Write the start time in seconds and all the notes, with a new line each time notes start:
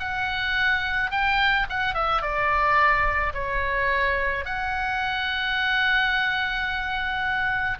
0.00 F#5
1.11 G5
1.70 F#5
1.94 E5
2.22 D5
3.34 C#5
4.45 F#5